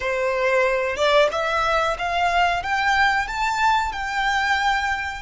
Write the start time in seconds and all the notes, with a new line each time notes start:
0.00 C5
0.96 D5
1.31 E5
1.98 F5
2.63 G5
3.27 A5
3.92 G5